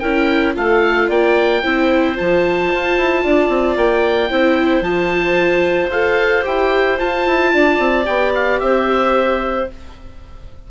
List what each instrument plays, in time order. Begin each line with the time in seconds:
0.00 bassoon C#4, viola E4, clarinet A#4, oboe G5
0.55 bassoon A3, viola F4, clarinet A4, oboe F5
1.09 bassoon A#3, clarinet D5, oboe G5
1.63 bassoon C4, viola E4, clarinet C5
2.16 bassoon F3, viola F4, oboe A5
2.74 bassoon F4
2.98 bassoon E4
3.24 bassoon D4, clarinet D5
3.49 bassoon C4
3.77 bassoon A#3, oboe G5
4.31 bassoon C4, viola E4, clarinet C5
4.82 bassoon F3, viola F4, oboe A5
5.89 bassoon F4, viola A4, oboe F5
6.43 bassoon E4, viola G4, oboe G5
6.99 viola F4, bassoon F4, oboe A5
7.27 bassoon E4
7.54 bassoon D4, clarinet D5
7.79 bassoon C4
8.05 bassoon B3, viola G4, oboe G5
8.35 oboe F5
8.60 bassoon C4, clarinet C5, oboe E5